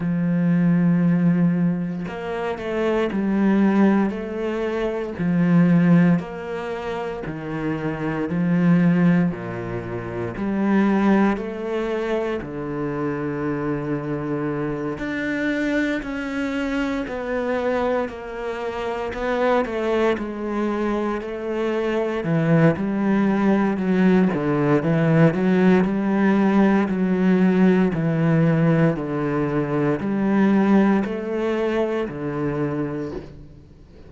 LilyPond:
\new Staff \with { instrumentName = "cello" } { \time 4/4 \tempo 4 = 58 f2 ais8 a8 g4 | a4 f4 ais4 dis4 | f4 ais,4 g4 a4 | d2~ d8 d'4 cis'8~ |
cis'8 b4 ais4 b8 a8 gis8~ | gis8 a4 e8 g4 fis8 d8 | e8 fis8 g4 fis4 e4 | d4 g4 a4 d4 | }